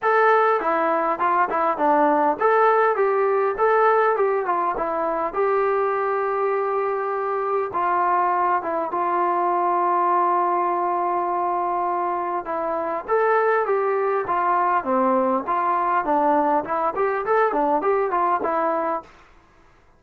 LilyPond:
\new Staff \with { instrumentName = "trombone" } { \time 4/4 \tempo 4 = 101 a'4 e'4 f'8 e'8 d'4 | a'4 g'4 a'4 g'8 f'8 | e'4 g'2.~ | g'4 f'4. e'8 f'4~ |
f'1~ | f'4 e'4 a'4 g'4 | f'4 c'4 f'4 d'4 | e'8 g'8 a'8 d'8 g'8 f'8 e'4 | }